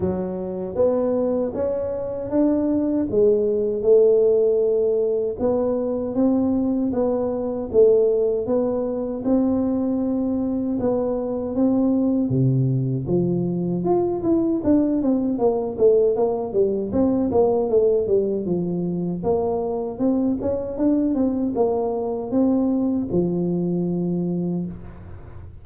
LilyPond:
\new Staff \with { instrumentName = "tuba" } { \time 4/4 \tempo 4 = 78 fis4 b4 cis'4 d'4 | gis4 a2 b4 | c'4 b4 a4 b4 | c'2 b4 c'4 |
c4 f4 f'8 e'8 d'8 c'8 | ais8 a8 ais8 g8 c'8 ais8 a8 g8 | f4 ais4 c'8 cis'8 d'8 c'8 | ais4 c'4 f2 | }